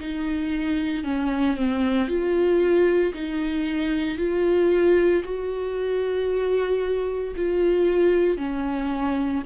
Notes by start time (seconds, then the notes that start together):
0.00 D#4
1.04 C#4
1.57 C4
2.08 F4
3.14 D#4
4.18 F4
5.24 F#4
7.36 F4
8.37 C#4